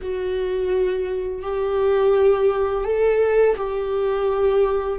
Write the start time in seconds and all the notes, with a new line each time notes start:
0.01 F#4
1.42 G4
2.84 A4
3.56 G4